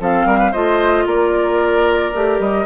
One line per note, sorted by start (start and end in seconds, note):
0.00 0.26 F3
0.00 0.54 C4
0.00 0.27 A4
0.00 0.53 F5
0.26 0.52 G3
0.26 0.39 A#4
0.39 0.51 B4
0.51 1.06 A3
0.51 2.14 F4
0.51 1.05 C5
0.51 1.06 D#5
1.06 2.13 A#3
1.06 2.67 A#4
1.06 2.41 D5
2.14 2.39 A3
2.14 2.67 G4
2.39 2.66 G3
2.39 2.67 D#5